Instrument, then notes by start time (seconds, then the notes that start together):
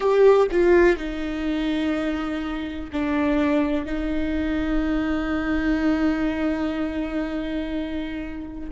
viola
0.00 G4
0.51 F4
0.97 D#4
2.92 D4
3.85 D#4